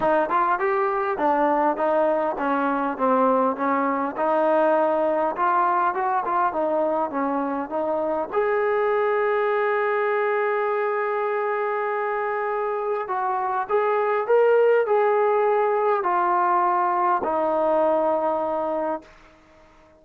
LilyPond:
\new Staff \with { instrumentName = "trombone" } { \time 4/4 \tempo 4 = 101 dis'8 f'8 g'4 d'4 dis'4 | cis'4 c'4 cis'4 dis'4~ | dis'4 f'4 fis'8 f'8 dis'4 | cis'4 dis'4 gis'2~ |
gis'1~ | gis'2 fis'4 gis'4 | ais'4 gis'2 f'4~ | f'4 dis'2. | }